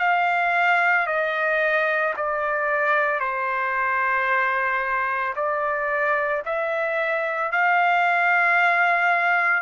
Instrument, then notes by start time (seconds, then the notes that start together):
trumpet
0.00 F5
1.07 D#5
2.17 D5
3.20 C5
5.36 D5
6.46 E5
7.52 F5